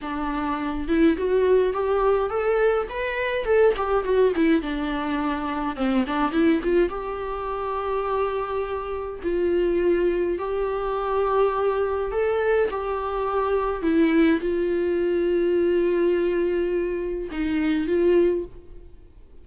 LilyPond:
\new Staff \with { instrumentName = "viola" } { \time 4/4 \tempo 4 = 104 d'4. e'8 fis'4 g'4 | a'4 b'4 a'8 g'8 fis'8 e'8 | d'2 c'8 d'8 e'8 f'8 | g'1 |
f'2 g'2~ | g'4 a'4 g'2 | e'4 f'2.~ | f'2 dis'4 f'4 | }